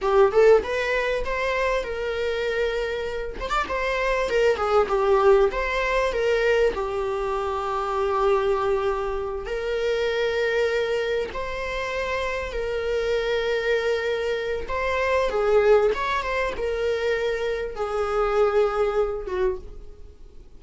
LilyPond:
\new Staff \with { instrumentName = "viola" } { \time 4/4 \tempo 4 = 98 g'8 a'8 b'4 c''4 ais'4~ | ais'4. c''16 d''16 c''4 ais'8 gis'8 | g'4 c''4 ais'4 g'4~ | g'2.~ g'8 ais'8~ |
ais'2~ ais'8 c''4.~ | c''8 ais'2.~ ais'8 | c''4 gis'4 cis''8 c''8 ais'4~ | ais'4 gis'2~ gis'8 fis'8 | }